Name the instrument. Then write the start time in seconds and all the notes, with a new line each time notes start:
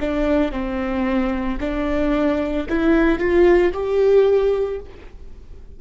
viola
0.00 D4
0.51 C4
1.60 D4
2.68 E4
3.19 F4
3.73 G4